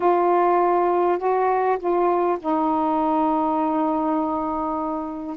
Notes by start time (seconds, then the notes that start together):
0.00 F4
1.18 F#4
1.78 F4
2.39 D#4